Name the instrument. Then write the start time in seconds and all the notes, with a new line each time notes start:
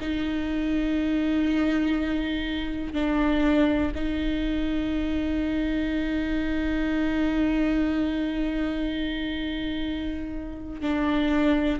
viola
0.00 D#4
2.93 D4
3.94 D#4
10.81 D4